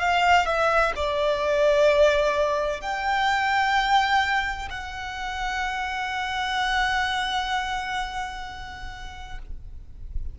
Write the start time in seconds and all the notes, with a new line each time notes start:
0.00 F5
0.46 E5
0.96 D5
2.82 G5
4.70 F#5